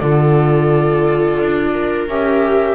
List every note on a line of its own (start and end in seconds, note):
0.00 1.40 D3
0.00 2.09 F4
0.00 1.74 A4
0.00 2.07 D5
1.40 2.08 D4
1.74 2.76 A#4
2.08 2.76 C#4
2.08 2.76 G4
2.08 2.76 E5